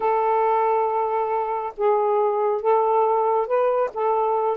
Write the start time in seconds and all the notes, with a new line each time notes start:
0.00 A4
1.77 G#4
2.61 A4
3.47 B4
3.93 A4